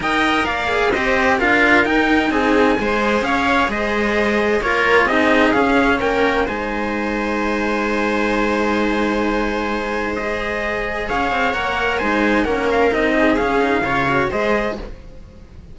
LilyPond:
<<
  \new Staff \with { instrumentName = "trumpet" } { \time 4/4 \tempo 4 = 130 g''4 f''4 dis''4 f''4 | g''4 gis''2 f''4 | dis''2 cis''4 dis''4 | f''4 g''4 gis''2~ |
gis''1~ | gis''2 dis''2 | f''4 fis''4 gis''4 fis''8 f''8 | dis''4 f''2 dis''4 | }
  \new Staff \with { instrumentName = "viola" } { \time 4/4 dis''4 d''4 c''4 ais'4~ | ais'4 gis'4 c''4 cis''4 | c''2 ais'4 gis'4~ | gis'4 ais'4 c''2~ |
c''1~ | c''1 | cis''2 c''4 ais'4~ | ais'8 gis'4. cis''4 c''4 | }
  \new Staff \with { instrumentName = "cello" } { \time 4/4 ais'4. gis'8 g'4 f'4 | dis'2 gis'2~ | gis'2 f'4 dis'4 | cis'2 dis'2~ |
dis'1~ | dis'2 gis'2~ | gis'4 ais'4 dis'4 cis'4 | dis'4 cis'8 dis'8 f'8 fis'8 gis'4 | }
  \new Staff \with { instrumentName = "cello" } { \time 4/4 dis'4 ais4 c'4 d'4 | dis'4 c'4 gis4 cis'4 | gis2 ais4 c'4 | cis'4 ais4 gis2~ |
gis1~ | gis1 | cis'8 c'8 ais4 gis4 ais4 | c'4 cis'4 cis4 gis4 | }
>>